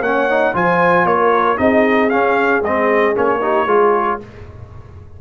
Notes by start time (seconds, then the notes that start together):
0.00 A#3 C#4 C#5 F#5
0.29 D#4
0.53 F3 F4 C5 G#5
1.05 A#3 A#4 C#5
1.57 C4 D#4 G#4 D#5
2.09 C#4 F5
2.62 G#3 C4 D#5
3.14 A#3 C#4 C#5
3.41 D#4 G4
3.65 G#3 F4 G#4